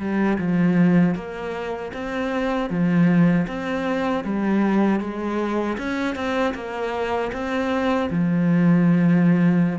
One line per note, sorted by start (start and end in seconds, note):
0.00 0.38 G3
0.39 1.15 F3
1.15 1.92 A#3
1.94 2.70 C4
2.70 3.47 F3
3.48 4.25 C4
4.25 5.01 G3
5.01 5.78 G#3
5.78 6.16 C#4
6.16 6.54 C4
6.55 7.32 A#3
7.33 8.10 C4
8.10 9.80 F3